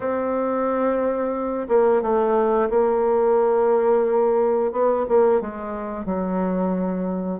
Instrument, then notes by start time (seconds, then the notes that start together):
bassoon
0.00 C4
1.68 A#3
2.01 A3
2.69 A#3
4.72 B3
5.08 A#3
5.40 G#3
6.05 F#3